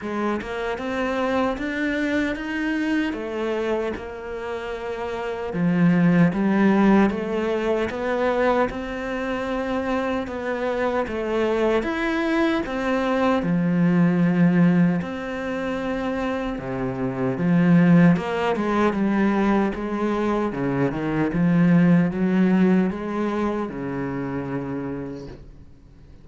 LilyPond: \new Staff \with { instrumentName = "cello" } { \time 4/4 \tempo 4 = 76 gis8 ais8 c'4 d'4 dis'4 | a4 ais2 f4 | g4 a4 b4 c'4~ | c'4 b4 a4 e'4 |
c'4 f2 c'4~ | c'4 c4 f4 ais8 gis8 | g4 gis4 cis8 dis8 f4 | fis4 gis4 cis2 | }